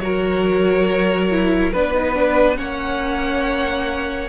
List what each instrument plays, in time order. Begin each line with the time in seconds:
0.00 cello F#3, viola F#4, violin A#4 C#5
1.31 viola E4
1.72 cello B3, viola D4, violin B4
1.94 viola D#4
2.15 viola D4
2.57 cello A#3, viola C#4, violin C#5 F#5